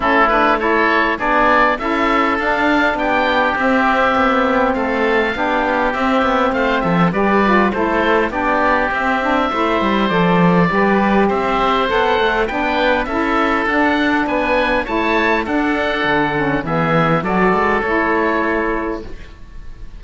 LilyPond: <<
  \new Staff \with { instrumentName = "oboe" } { \time 4/4 \tempo 4 = 101 a'8 b'8 cis''4 d''4 e''4 | f''4 g''4 e''2 | f''2 e''4 f''8 e''8 | d''4 c''4 d''4 e''4~ |
e''4 d''2 e''4 | fis''4 g''4 e''4 fis''4 | gis''4 a''4 fis''2 | e''4 d''4 cis''2 | }
  \new Staff \with { instrumentName = "oboe" } { \time 4/4 e'4 a'4 gis'4 a'4~ | a'4 g'2. | a'4 g'2 c''8 a'8 | b'4 a'4 g'2 |
c''2 b'4 c''4~ | c''4 b'4 a'2 | b'4 cis''4 a'2 | gis'4 a'2. | }
  \new Staff \with { instrumentName = "saxophone" } { \time 4/4 cis'8 d'8 e'4 d'4 e'4 | d'2 c'2~ | c'4 d'4 c'2 | g'8 f'8 e'4 d'4 c'8 d'8 |
e'4 a'4 g'2 | a'4 d'4 e'4 d'4~ | d'4 e'4 d'4. cis'8 | b4 fis'4 e'2 | }
  \new Staff \with { instrumentName = "cello" } { \time 4/4 a2 b4 cis'4 | d'4 b4 c'4 b4 | a4 b4 c'8 b8 a8 f8 | g4 a4 b4 c'4 |
a8 g8 f4 g4 c'4 | b8 a8 b4 cis'4 d'4 | b4 a4 d'4 d4 | e4 fis8 gis8 a2 | }
>>